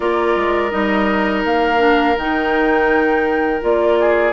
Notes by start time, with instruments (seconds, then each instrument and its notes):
0.00 bassoon A#3, clarinet F4, oboe A#4, flute D5
0.36 bassoon G#3
0.70 bassoon G3, clarinet D#4, flute D#5
1.45 bassoon A#3, flute F5
1.78 clarinet D4
2.16 bassoon D#3, clarinet D#4, flute G5
3.61 bassoon A#3, clarinet F4, flute D5
4.00 oboe G#4